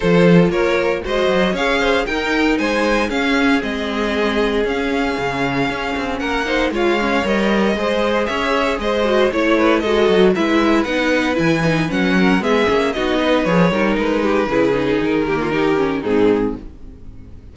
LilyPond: <<
  \new Staff \with { instrumentName = "violin" } { \time 4/4 \tempo 4 = 116 c''4 cis''4 dis''4 f''4 | g''4 gis''4 f''4 dis''4~ | dis''4 f''2. | fis''4 f''4 dis''2 |
e''4 dis''4 cis''4 dis''4 | e''4 fis''4 gis''4 fis''4 | e''4 dis''4 cis''4 b'4~ | b'4 ais'2 gis'4 | }
  \new Staff \with { instrumentName = "violin" } { \time 4/4 a'4 ais'4 c''4 cis''8 c''8 | ais'4 c''4 gis'2~ | gis'1 | ais'8 c''8 cis''2 c''4 |
cis''4 c''4 cis''8 b'8 a'4 | b'2.~ b'8 ais'8 | gis'4 fis'8 b'4 ais'4 g'8 | gis'4. g'16 f'16 g'4 dis'4 | }
  \new Staff \with { instrumentName = "viola" } { \time 4/4 f'2 fis'4 gis'4 | dis'2 cis'4 c'4~ | c'4 cis'2.~ | cis'8 dis'8 f'8 cis'8 ais'4 gis'4~ |
gis'4. fis'8 e'4 fis'4 | e'4 dis'4 e'8 dis'8 cis'4 | b8 cis'8 dis'4 gis'8 dis'4. | e'8 dis'4 ais8 dis'8 cis'8 c'4 | }
  \new Staff \with { instrumentName = "cello" } { \time 4/4 f4 ais4 gis8 fis8 cis'4 | dis'4 gis4 cis'4 gis4~ | gis4 cis'4 cis4 cis'8 c'8 | ais4 gis4 g4 gis4 |
cis'4 gis4 a4 gis8 fis8 | gis4 b4 e4 fis4 | gis8 ais8 b4 f8 g8 gis4 | cis4 dis2 gis,4 | }
>>